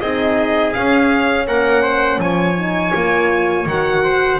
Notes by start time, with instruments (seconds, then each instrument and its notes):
0.00 double bass C4, horn D#4, trumpet G#4, violin D#5
0.73 horn C#4, double bass C#4, violin F5
1.47 double bass A#3, trumpet A#4, violin F#5
1.82 trumpet C5
2.18 double bass F3, trumpet C#5, violin G#5
2.57 horn D#4
2.94 double bass A#3, horn F4
3.66 double bass D#3, horn F#4, violin F#5
4.04 trumpet C5